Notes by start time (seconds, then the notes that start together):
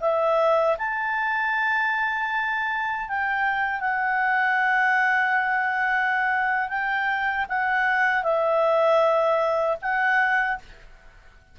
0.00 E5
0.78 A5
3.08 G5
3.80 F#5
6.69 G5
7.49 F#5
8.23 E5
9.81 F#5